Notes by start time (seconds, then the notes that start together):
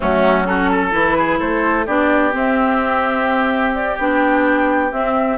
0.00 F#3 A3 C#4 F#4
0.43 C#4 F#4 A4
0.71 A4
0.91 E3 E4 B4
1.17 G#4
1.39 A3 A4 C5
1.86 B3 D4 G4 D5
2.32 C4 E5
3.74 D5
3.98 B3 D4 G5
4.91 C4 E5